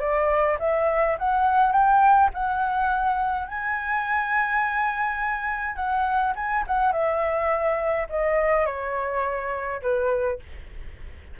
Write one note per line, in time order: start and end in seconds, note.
0.00 0.58 D5
0.60 1.17 E5
1.19 1.73 F#5
1.73 2.30 G5
2.34 3.48 F#5
3.48 5.76 G#5
5.76 6.34 F#5
6.36 6.65 G#5
6.67 6.92 F#5
6.92 8.08 E5
8.10 8.66 D#5
8.66 9.82 C#5
9.82 10.40 B4